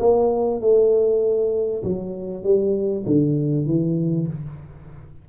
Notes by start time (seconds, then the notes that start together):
0.00 A#3
0.61 A3
1.84 F#3
2.44 G3
3.06 D3
3.66 E3